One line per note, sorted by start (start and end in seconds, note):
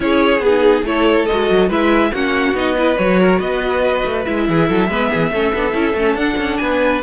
0.00 0.39 C#4
0.00 0.40 E4
0.00 0.87 G#4
0.00 0.42 C#5
0.39 0.81 B3
0.39 0.85 G#4
0.45 0.84 D#4
0.83 1.25 A3
0.83 1.27 E4
0.83 1.68 A4
0.83 1.26 C#5
1.26 1.50 G#3
1.26 1.70 F#4
1.26 1.68 D#5
1.50 1.69 F#3
1.68 2.11 G#3
1.68 2.12 E4
1.68 2.10 B4
1.68 2.13 E5
2.13 2.53 A#3
2.13 2.54 C#4
2.13 2.77 F#4
2.13 2.56 F#5
2.53 2.96 B3
2.53 2.76 D#4
2.53 2.97 D#5
2.76 2.98 E4
2.76 3.20 B4
2.97 3.39 F#3
2.97 4.25 F#4
2.97 3.39 C#5
3.20 3.39 A#4
3.39 4.03 B3
3.39 4.45 B4
3.39 4.24 D#5
4.04 4.26 A3
4.24 4.48 G#3
4.24 4.89 E4
4.24 6.16 E5
4.48 4.69 E3
4.48 4.68 G#4
4.68 4.88 F#3
4.68 4.89 A4
4.88 5.09 G#3
4.88 5.32 B3
4.88 5.09 B4
5.09 5.31 E3
5.09 5.31 G#4
5.31 5.52 A3
5.31 5.54 C#4
5.31 6.61 A4
5.54 5.74 B3
5.54 5.72 D4
5.72 5.93 C#4
5.72 5.93 E4
5.93 6.14 A3
5.93 6.18 C#4
6.14 6.35 D4
6.14 7.02 D4
6.14 6.57 F#5
6.37 6.58 C#4
6.57 7.02 B3
6.57 7.02 B4
6.57 6.99 G#5